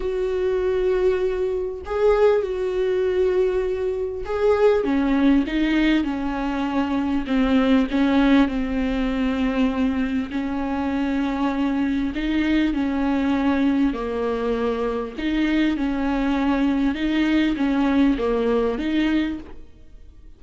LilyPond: \new Staff \with { instrumentName = "viola" } { \time 4/4 \tempo 4 = 99 fis'2. gis'4 | fis'2. gis'4 | cis'4 dis'4 cis'2 | c'4 cis'4 c'2~ |
c'4 cis'2. | dis'4 cis'2 ais4~ | ais4 dis'4 cis'2 | dis'4 cis'4 ais4 dis'4 | }